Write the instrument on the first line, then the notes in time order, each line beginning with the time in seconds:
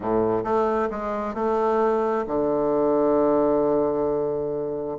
bassoon
0.00 A2
0.43 A3
0.90 G#3
1.34 A3
2.27 D3